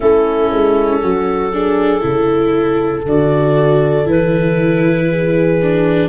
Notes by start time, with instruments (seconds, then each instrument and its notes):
0.00 tuba A3, viola C#4, horn E4, clarinet A4
0.52 tuba G#3
1.02 tuba F#3, horn F#4
1.52 viola D4, horn G#4
2.00 tuba C#3, viola E4, horn A4
3.05 tuba D3, viola F#4, clarinet D5
4.04 tuba E3, viola E4, clarinet B4
5.09 horn G#4
5.62 viola D4